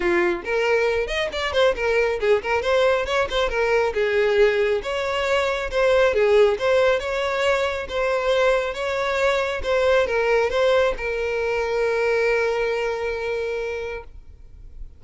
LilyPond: \new Staff \with { instrumentName = "violin" } { \time 4/4 \tempo 4 = 137 f'4 ais'4. dis''8 d''8 c''8 | ais'4 gis'8 ais'8 c''4 cis''8 c''8 | ais'4 gis'2 cis''4~ | cis''4 c''4 gis'4 c''4 |
cis''2 c''2 | cis''2 c''4 ais'4 | c''4 ais'2.~ | ais'1 | }